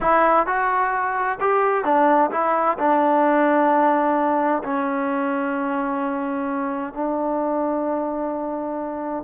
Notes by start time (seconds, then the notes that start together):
0.00 E4
0.46 F#4
1.40 G4
1.84 D4
2.31 E4
2.78 D4
4.63 C#4
6.93 D4